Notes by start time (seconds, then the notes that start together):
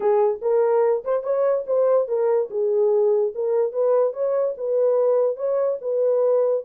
0.00 G#4
0.41 A#4
1.04 C5
1.23 C#5
1.66 C5
2.07 A#4
2.50 G#4
3.34 A#4
3.72 B4
4.13 C#5
4.57 B4
5.36 C#5
5.81 B4